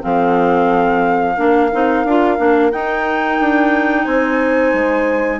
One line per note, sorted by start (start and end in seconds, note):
0.00 1.38 F3
0.00 1.35 C4
0.00 1.36 A4
0.00 2.71 F5
1.36 1.71 A#3
1.36 1.70 D4
1.36 4.04 A#4
1.72 2.04 C4
1.72 2.06 D#4
2.04 2.38 D4
2.04 2.37 F4
2.37 2.72 A#3
2.37 2.71 D4
2.71 3.39 D#4
2.71 5.40 D#4
2.71 4.04 G5
3.39 4.06 D4
4.04 4.73 C4
4.04 5.39 C5
4.04 5.39 G#5
4.73 5.40 G#3